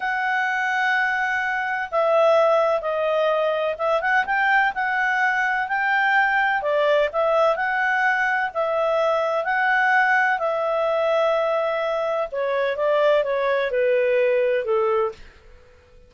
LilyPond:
\new Staff \with { instrumentName = "clarinet" } { \time 4/4 \tempo 4 = 127 fis''1 | e''2 dis''2 | e''8 fis''8 g''4 fis''2 | g''2 d''4 e''4 |
fis''2 e''2 | fis''2 e''2~ | e''2 cis''4 d''4 | cis''4 b'2 a'4 | }